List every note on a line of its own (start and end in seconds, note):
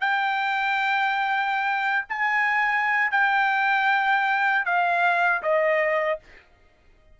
0.00 2.05 G5
2.09 3.11 G#5
3.11 4.65 G5
4.65 5.42 F5
5.42 6.19 D#5